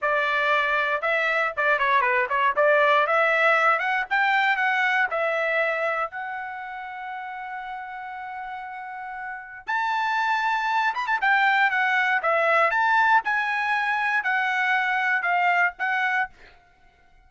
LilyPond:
\new Staff \with { instrumentName = "trumpet" } { \time 4/4 \tempo 4 = 118 d''2 e''4 d''8 cis''8 | b'8 cis''8 d''4 e''4. fis''8 | g''4 fis''4 e''2 | fis''1~ |
fis''2. a''4~ | a''4. b''16 a''16 g''4 fis''4 | e''4 a''4 gis''2 | fis''2 f''4 fis''4 | }